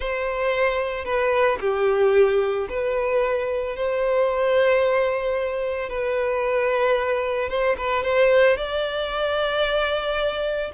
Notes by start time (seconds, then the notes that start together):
0.00 C5
1.04 B4
1.60 G4
2.69 B4
3.76 C5
5.89 B4
7.49 C5
7.77 B4
8.03 C5
8.56 D5